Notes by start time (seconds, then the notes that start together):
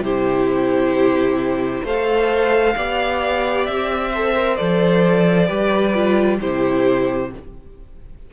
0.00 C3 E4 G4 C5
1.84 A3 A4 C5 F5
2.77 B3 G4 D5
3.66 C4 E5
4.12 A4 C5
4.37 A#4
4.57 F3 A4 D5
5.47 G3 G4 B4
5.95 F4
6.40 C3 E4 G4 C5